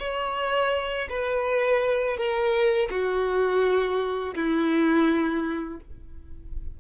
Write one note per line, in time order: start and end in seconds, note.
0.00 1.08 C#5
1.10 2.17 B4
2.17 2.89 A#4
2.90 4.35 F#4
4.35 5.80 E4